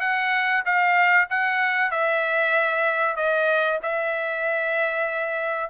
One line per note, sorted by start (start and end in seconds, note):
0.00 0.63 F#5
0.65 1.28 F5
1.30 1.91 F#5
1.91 3.16 E5
3.16 3.79 D#5
3.83 5.70 E5